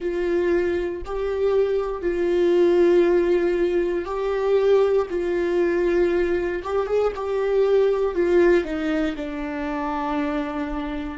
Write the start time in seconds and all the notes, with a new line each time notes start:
0.00 F4
1.05 G4
2.01 F4
4.05 G4
5.09 F4
6.62 G4
6.86 G#4
7.15 G4
8.14 F4
8.64 D#4
9.15 D4